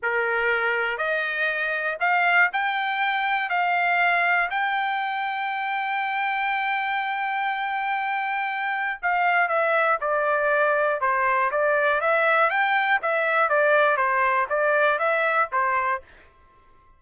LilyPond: \new Staff \with { instrumentName = "trumpet" } { \time 4/4 \tempo 4 = 120 ais'2 dis''2 | f''4 g''2 f''4~ | f''4 g''2.~ | g''1~ |
g''2 f''4 e''4 | d''2 c''4 d''4 | e''4 g''4 e''4 d''4 | c''4 d''4 e''4 c''4 | }